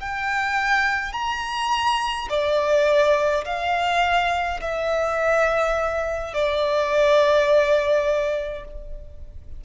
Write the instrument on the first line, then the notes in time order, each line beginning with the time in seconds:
violin
0.00 G5
1.13 A#5
2.29 D5
3.45 F5
4.61 E5
6.34 D5